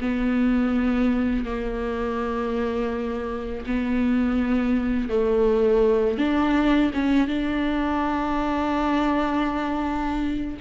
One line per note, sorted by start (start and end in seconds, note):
0.00 1.45 B3
1.45 3.64 A#3
3.66 5.09 B3
5.09 6.18 A3
6.18 6.91 D4
6.93 7.27 C#4
7.27 10.56 D4